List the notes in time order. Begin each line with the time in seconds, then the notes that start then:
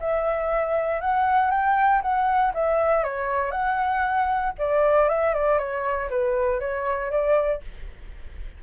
0.00 E5
1.01 F#5
1.51 G5
2.02 F#5
2.54 E5
3.04 C#5
3.51 F#5
4.59 D5
5.09 E5
5.34 D5
5.59 C#5
6.10 B4
6.60 C#5
7.11 D5